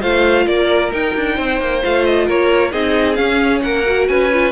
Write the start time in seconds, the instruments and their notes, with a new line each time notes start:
0.00 cello A3, viola F4, violin C5 F5
0.46 cello A#3, violin A#4 D5
0.91 viola D#4, cello D#4, violin G5
1.15 cello D4
1.35 cello C4, violin C5
1.60 cello A#3
1.82 cello A3, viola F4, violin F5
2.05 violin D#5
2.25 cello A#3, violin A#4 C#5
2.72 cello C4, viola D#4, violin G#4 D#5
3.15 viola C#4, cello C#4, violin F5
3.62 cello A#3, violin A#4 F#5
3.86 viola F#4
4.07 cello C#4, violin B4 G#5
4.32 viola F4